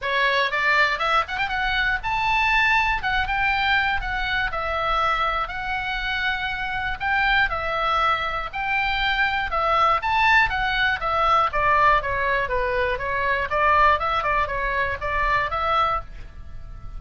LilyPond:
\new Staff \with { instrumentName = "oboe" } { \time 4/4 \tempo 4 = 120 cis''4 d''4 e''8 fis''16 g''16 fis''4 | a''2 fis''8 g''4. | fis''4 e''2 fis''4~ | fis''2 g''4 e''4~ |
e''4 g''2 e''4 | a''4 fis''4 e''4 d''4 | cis''4 b'4 cis''4 d''4 | e''8 d''8 cis''4 d''4 e''4 | }